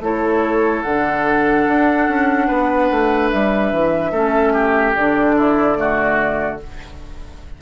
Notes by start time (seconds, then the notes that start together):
0.00 A3 E4 A4 C#5
0.82 D3 D4 F#5
1.68 D4
2.08 C#4
2.47 B3 B4
2.91 A3
3.30 G3 E5
3.72 E3
4.12 A3 C#4 A4
4.53 G4
4.95 D3 D4 D5
5.36 E4
5.76 A3 F#4